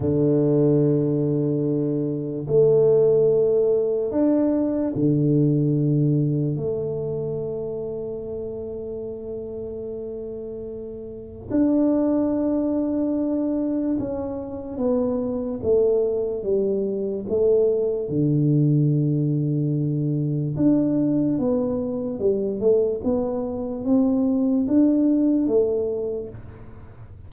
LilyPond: \new Staff \with { instrumentName = "tuba" } { \time 4/4 \tempo 4 = 73 d2. a4~ | a4 d'4 d2 | a1~ | a2 d'2~ |
d'4 cis'4 b4 a4 | g4 a4 d2~ | d4 d'4 b4 g8 a8 | b4 c'4 d'4 a4 | }